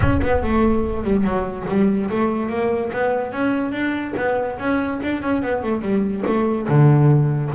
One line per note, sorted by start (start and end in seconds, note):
0.00 0.21 C#4
0.22 0.42 B3
0.42 1.04 A3
1.04 1.24 G3
1.24 1.66 F#3
1.68 2.09 G3
2.10 2.49 A3
2.49 2.91 A#3
2.92 3.32 B3
3.32 3.72 C#4
3.72 4.13 D4
4.16 4.58 B3
4.58 5.00 C#4
5.03 5.22 D4
5.22 5.42 C#4
5.42 5.62 B3
5.62 5.81 A3
5.81 6.23 G3
6.26 6.67 A3
6.68 7.51 D3